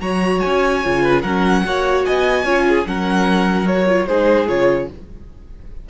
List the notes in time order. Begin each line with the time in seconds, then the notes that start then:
0.00 F#3 F#4 C#5 A#5
0.40 C#4 G#5
0.84 C#3 F4
1.02 B4
1.22 F#3 C#4 A#4 F#5
1.65 A#3 F#4 C#5
2.05 B3 D#5 G#5
2.44 C#4 F4 C#5
2.68 G#4
2.85 F#3 C#4 A#4 F#5
3.65 F#4 C#5
3.87 F4
4.07 G#3 D#4 G#4 C5
4.48 C#3 F4 C#5